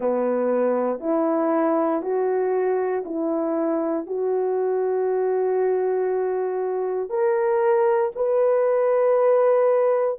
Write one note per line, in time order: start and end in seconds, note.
0.00 1.00 B3
1.00 2.02 E4
2.02 3.03 F#4
3.05 4.06 E4
4.06 7.09 F#4
7.09 8.11 A#4
8.15 10.18 B4